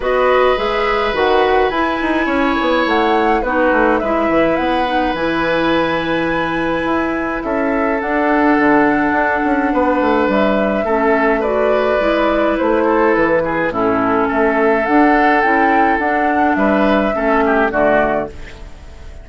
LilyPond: <<
  \new Staff \with { instrumentName = "flute" } { \time 4/4 \tempo 4 = 105 dis''4 e''4 fis''4 gis''4~ | gis''4 fis''4 b'4 e''4 | fis''4 gis''2.~ | gis''4 e''4 fis''2~ |
fis''2 e''2 | d''2 c''4 b'4 | a'4 e''4 fis''4 g''4 | fis''4 e''2 d''4 | }
  \new Staff \with { instrumentName = "oboe" } { \time 4/4 b'1 | cis''2 fis'4 b'4~ | b'1~ | b'4 a'2.~ |
a'4 b'2 a'4 | b'2~ b'8 a'4 gis'8 | e'4 a'2.~ | a'4 b'4 a'8 g'8 fis'4 | }
  \new Staff \with { instrumentName = "clarinet" } { \time 4/4 fis'4 gis'4 fis'4 e'4~ | e'2 dis'4 e'4~ | e'8 dis'8 e'2.~ | e'2 d'2~ |
d'2. cis'4 | fis'4 e'2. | cis'2 d'4 e'4 | d'2 cis'4 a4 | }
  \new Staff \with { instrumentName = "bassoon" } { \time 4/4 b4 gis4 dis4 e'8 dis'8 | cis'8 b8 a4 b8 a8 gis8 e8 | b4 e2. | e'4 cis'4 d'4 d4 |
d'8 cis'8 b8 a8 g4 a4~ | a4 gis4 a4 e4 | a,4 a4 d'4 cis'4 | d'4 g4 a4 d4 | }
>>